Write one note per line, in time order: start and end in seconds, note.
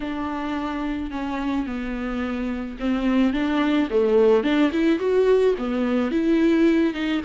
0.00 1.10 D4
1.10 1.66 C#4
1.66 2.77 B3
2.79 3.33 C4
3.33 3.89 D4
3.89 4.43 A3
4.43 4.71 D4
4.71 4.99 E4
4.99 5.55 F#4
5.57 6.11 B3
6.11 6.93 E4
6.93 7.21 D#4